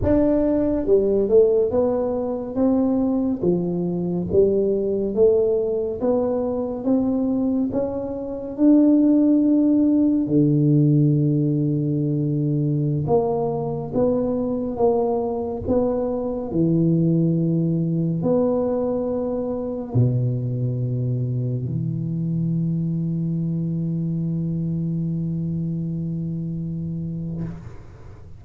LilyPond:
\new Staff \with { instrumentName = "tuba" } { \time 4/4 \tempo 4 = 70 d'4 g8 a8 b4 c'4 | f4 g4 a4 b4 | c'4 cis'4 d'2 | d2.~ d16 ais8.~ |
ais16 b4 ais4 b4 e8.~ | e4~ e16 b2 b,8.~ | b,4~ b,16 e2~ e8.~ | e1 | }